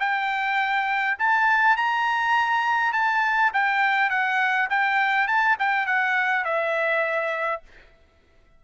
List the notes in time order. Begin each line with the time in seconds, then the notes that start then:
0.00 G5
1.18 A5
1.77 A#5
2.93 A5
3.53 G5
4.10 F#5
4.70 G5
5.28 A5
5.59 G5
5.86 F#5
6.45 E5